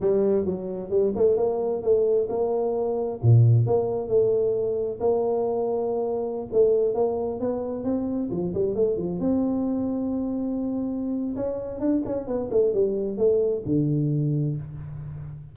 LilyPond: \new Staff \with { instrumentName = "tuba" } { \time 4/4 \tempo 4 = 132 g4 fis4 g8 a8 ais4 | a4 ais2 ais,4 | ais4 a2 ais4~ | ais2~ ais16 a4 ais8.~ |
ais16 b4 c'4 f8 g8 a8 f16~ | f16 c'2.~ c'8.~ | c'4 cis'4 d'8 cis'8 b8 a8 | g4 a4 d2 | }